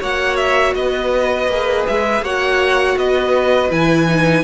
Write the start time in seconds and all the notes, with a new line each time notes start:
0.00 A#3 F#4 C#5 F#5
0.36 E5
0.75 B3 B4 D#5
1.47 A#3 G#4
1.87 G#3 E5
2.22 A#3 F#4 C#5 F#5
2.97 B3 B4 D#5
3.70 E3 E4 G#5
4.07 D#4